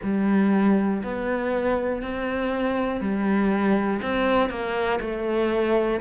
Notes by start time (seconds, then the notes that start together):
0.02 G3
1.03 B3
2.02 C4
3.00 G3
4.02 C4
4.50 A#3
5.00 A3